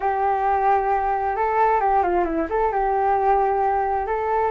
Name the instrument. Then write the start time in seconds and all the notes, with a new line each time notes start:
flute
0.00 G4
1.36 A4
1.80 G4
2.02 F4
2.24 E4
2.49 A4
2.72 G4
4.06 A4